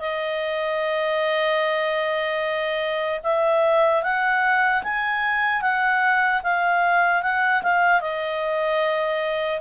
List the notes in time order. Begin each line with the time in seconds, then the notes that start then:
0.00 D#5
3.23 E5
4.03 F#5
4.83 G#5
5.61 F#5
6.43 F5
7.22 F#5
7.63 F5
8.00 D#5